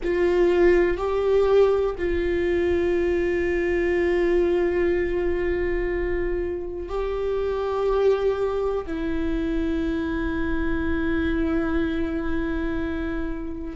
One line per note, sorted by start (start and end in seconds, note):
0.03 0.97 F4
0.97 1.95 G4
1.98 6.89 F4
6.89 8.85 G4
8.86 13.75 E4